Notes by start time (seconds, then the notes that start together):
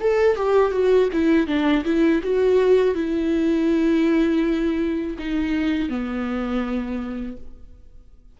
0.00 A4
0.36 G4
0.71 F#4
1.12 E4
1.47 D4
1.84 E4
2.23 F#4
2.94 E4
5.19 D#4
5.89 B3